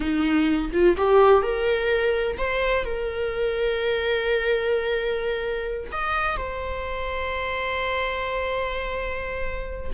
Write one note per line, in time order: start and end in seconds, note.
0.00 0.70 D#4
0.72 0.96 F4
0.97 1.42 G4
1.42 2.37 A#4
2.37 2.84 C5
2.84 5.91 A#4
5.91 6.37 D#5
6.37 9.91 C5